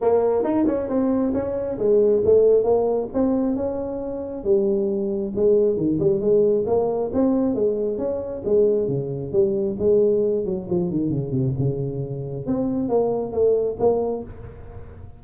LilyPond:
\new Staff \with { instrumentName = "tuba" } { \time 4/4 \tempo 4 = 135 ais4 dis'8 cis'8 c'4 cis'4 | gis4 a4 ais4 c'4 | cis'2 g2 | gis4 dis8 g8 gis4 ais4 |
c'4 gis4 cis'4 gis4 | cis4 g4 gis4. fis8 | f8 dis8 cis8 c8 cis2 | c'4 ais4 a4 ais4 | }